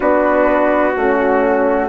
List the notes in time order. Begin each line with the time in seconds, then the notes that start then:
0.00 B3 D4 F#4 B4
0.95 A3 C#4 F#4